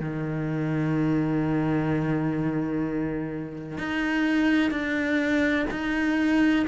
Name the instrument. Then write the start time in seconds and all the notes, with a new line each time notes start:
cello
0.00 D#3
3.78 D#4
4.71 D4
5.71 D#4